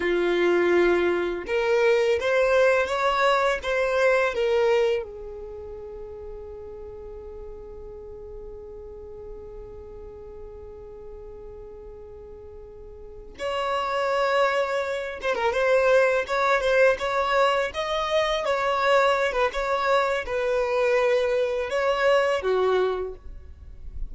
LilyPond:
\new Staff \with { instrumentName = "violin" } { \time 4/4 \tempo 4 = 83 f'2 ais'4 c''4 | cis''4 c''4 ais'4 gis'4~ | gis'1~ | gis'1~ |
gis'2~ gis'8 cis''4.~ | cis''4 c''16 ais'16 c''4 cis''8 c''8 cis''8~ | cis''8 dis''4 cis''4~ cis''16 b'16 cis''4 | b'2 cis''4 fis'4 | }